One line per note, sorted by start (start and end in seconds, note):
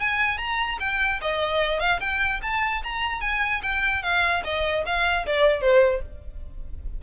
0.00 0.38 G#5
0.38 0.78 A#5
0.80 1.20 G5
1.22 1.80 D#5
1.80 2.00 F5
2.00 2.41 G5
2.42 2.83 A5
2.83 3.21 A#5
3.21 3.61 G#5
3.63 4.03 G5
4.03 4.43 F5
4.44 4.84 D#5
4.86 5.26 F5
5.26 5.61 D5
5.61 6.01 C5